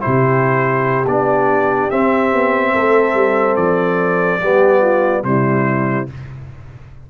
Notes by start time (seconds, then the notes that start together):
0.00 C3 E4 G4 C5
1.06 B3 D4 D5
1.90 C4 E5
2.32 B3
2.74 A3 A4
3.14 G3
3.56 F3 D5
4.40 G3 B3 G4
4.81 F4
5.23 C3 G3 E4 C5